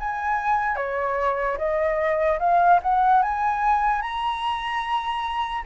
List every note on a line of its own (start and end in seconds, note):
0.00 0.76 G#5
0.76 1.57 C#5
1.58 2.39 D#5
2.40 2.80 F5
2.83 3.23 F#5
3.23 4.02 G#5
4.02 5.64 A#5